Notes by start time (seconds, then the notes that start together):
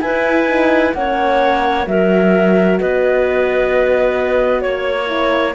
0.00 E4 B4 G#5
0.47 D#4
0.93 A#3 C#4 C#5 F#5
1.86 F#3 F#4 A#4 E5
2.79 B3 B4 D#5
4.61 A#3 C#5
5.06 E4